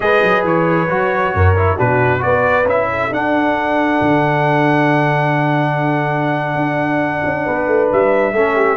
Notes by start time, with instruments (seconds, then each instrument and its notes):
0.00 tuba G#3, trombone G#4, horn B4, trumpet D#5
0.22 tuba F#3
0.43 tuba E3, trumpet C#5
0.88 tuba F#3, trombone F#4
1.34 tuba F#2, horn A#4
1.56 trombone E4
1.76 tuba B2, trombone D4, horn F#4, trumpet B4
2.19 tuba B3, trombone F#4, trumpet D5
2.25 horn B4
2.64 tuba C#4, trombone E4, trumpet E5
2.90 horn A4
3.10 tuba D4, trombone D4, trumpet F#5
4.01 tuba D3
6.55 tuba D4
7.24 tuba C#4
7.44 tuba B3, horn B4
7.67 tuba A3
7.92 tuba G3, trumpet E5
8.32 tuba A3, trombone C#4, horn A4
8.55 horn G4